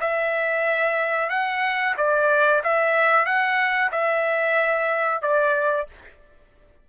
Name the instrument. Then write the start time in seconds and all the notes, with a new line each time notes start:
trumpet
0.00 E5
1.29 F#5
1.97 D5
2.63 E5
3.25 F#5
3.91 E5
5.21 D5